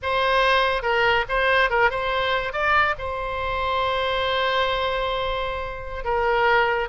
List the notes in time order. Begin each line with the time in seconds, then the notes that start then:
0.02 C5
0.82 A#4
1.28 C5
1.70 A#4
1.90 C5
2.52 D5
2.98 C5
6.04 A#4